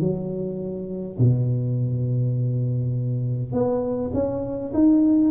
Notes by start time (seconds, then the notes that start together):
0.00 F#3
1.19 B2
3.53 B3
4.14 C#4
4.74 D#4